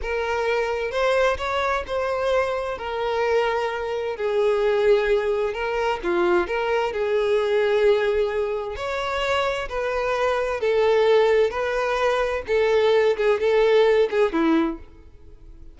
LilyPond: \new Staff \with { instrumentName = "violin" } { \time 4/4 \tempo 4 = 130 ais'2 c''4 cis''4 | c''2 ais'2~ | ais'4 gis'2. | ais'4 f'4 ais'4 gis'4~ |
gis'2. cis''4~ | cis''4 b'2 a'4~ | a'4 b'2 a'4~ | a'8 gis'8 a'4. gis'8 e'4 | }